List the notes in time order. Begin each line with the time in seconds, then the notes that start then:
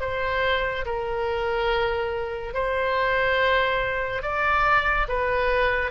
0.00 C5
0.85 A#4
2.54 C5
4.22 D5
5.08 B4